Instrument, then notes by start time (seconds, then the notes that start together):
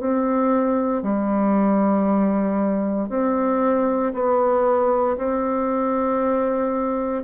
bassoon
0.00 C4
1.03 G3
3.09 C4
4.13 B3
5.17 C4